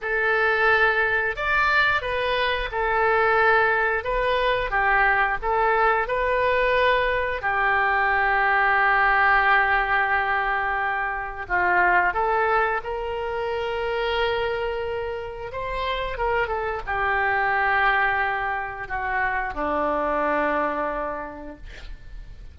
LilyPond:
\new Staff \with { instrumentName = "oboe" } { \time 4/4 \tempo 4 = 89 a'2 d''4 b'4 | a'2 b'4 g'4 | a'4 b'2 g'4~ | g'1~ |
g'4 f'4 a'4 ais'4~ | ais'2. c''4 | ais'8 a'8 g'2. | fis'4 d'2. | }